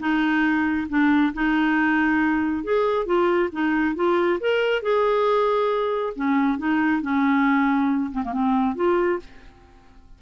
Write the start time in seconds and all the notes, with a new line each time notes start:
0.00 D#4
0.89 D4
1.34 D#4
2.64 G#4
3.06 F4
3.52 D#4
3.96 F4
4.40 A#4
4.82 G#4
6.16 C#4
6.58 D#4
7.02 C#4
8.12 C4
8.24 A#3
8.33 C4
8.76 F4